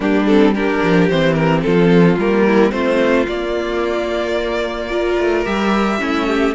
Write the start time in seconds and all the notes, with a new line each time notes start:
0.00 G3 A#3 D4 G4
0.26 C4 A4
0.54 D4 G4 A#4
0.83 F3
1.09 E3 C4 C5
1.33 A#4
1.62 F3 F4 A4
2.17 G3 A#3 A#4
2.46 E4
2.71 A3 C4 F4 C5
3.27 A#3 D5
4.90 F4 A#4
5.18 A3
5.44 G3 G4 E5
5.99 A3 C#4 E4
6.27 G4